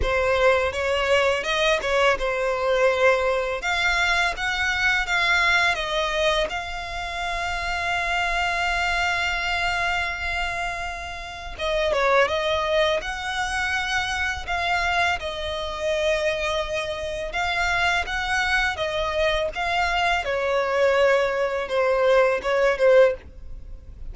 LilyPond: \new Staff \with { instrumentName = "violin" } { \time 4/4 \tempo 4 = 83 c''4 cis''4 dis''8 cis''8 c''4~ | c''4 f''4 fis''4 f''4 | dis''4 f''2.~ | f''1 |
dis''8 cis''8 dis''4 fis''2 | f''4 dis''2. | f''4 fis''4 dis''4 f''4 | cis''2 c''4 cis''8 c''8 | }